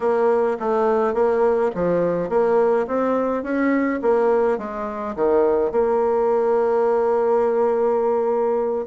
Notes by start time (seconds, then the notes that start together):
0.00 A#3
0.59 A3
1.14 A#3
1.75 F3
2.29 A#3
2.87 C4
3.43 C#4
4.02 A#3
4.58 G#3
5.15 D#3
5.71 A#3